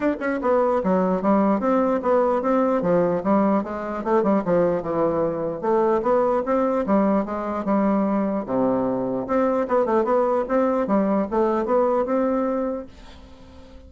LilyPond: \new Staff \with { instrumentName = "bassoon" } { \time 4/4 \tempo 4 = 149 d'8 cis'8 b4 fis4 g4 | c'4 b4 c'4 f4 | g4 gis4 a8 g8 f4 | e2 a4 b4 |
c'4 g4 gis4 g4~ | g4 c2 c'4 | b8 a8 b4 c'4 g4 | a4 b4 c'2 | }